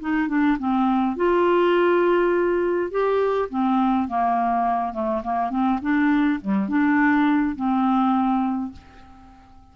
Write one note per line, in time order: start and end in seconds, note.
0.00 0.28 D#4
0.28 0.57 D4
0.59 1.16 C4
1.16 2.91 F4
2.91 3.49 G4
3.50 4.08 C4
4.08 4.93 A#3
4.93 5.22 A3
5.23 5.50 A#3
5.50 5.79 C4
5.82 6.40 D4
6.41 6.69 G3
6.69 7.56 D4
7.56 8.72 C4